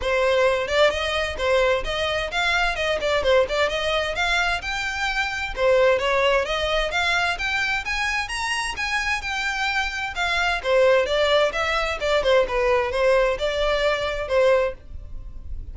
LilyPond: \new Staff \with { instrumentName = "violin" } { \time 4/4 \tempo 4 = 130 c''4. d''8 dis''4 c''4 | dis''4 f''4 dis''8 d''8 c''8 d''8 | dis''4 f''4 g''2 | c''4 cis''4 dis''4 f''4 |
g''4 gis''4 ais''4 gis''4 | g''2 f''4 c''4 | d''4 e''4 d''8 c''8 b'4 | c''4 d''2 c''4 | }